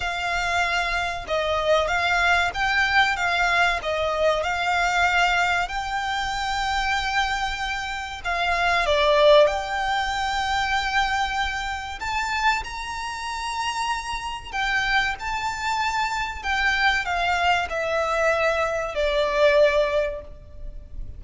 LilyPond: \new Staff \with { instrumentName = "violin" } { \time 4/4 \tempo 4 = 95 f''2 dis''4 f''4 | g''4 f''4 dis''4 f''4~ | f''4 g''2.~ | g''4 f''4 d''4 g''4~ |
g''2. a''4 | ais''2. g''4 | a''2 g''4 f''4 | e''2 d''2 | }